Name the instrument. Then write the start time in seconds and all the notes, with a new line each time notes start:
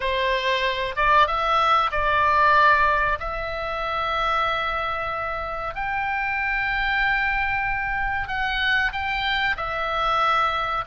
oboe
0.00 C5
0.96 D5
1.27 E5
1.91 D5
3.19 E5
5.74 G5
8.28 F#5
8.92 G5
9.56 E5